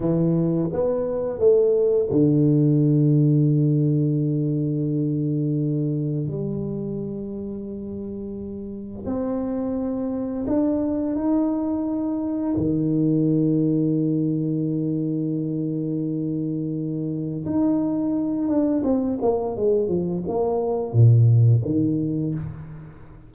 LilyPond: \new Staff \with { instrumentName = "tuba" } { \time 4/4 \tempo 4 = 86 e4 b4 a4 d4~ | d1~ | d4 g2.~ | g4 c'2 d'4 |
dis'2 dis2~ | dis1~ | dis4 dis'4. d'8 c'8 ais8 | gis8 f8 ais4 ais,4 dis4 | }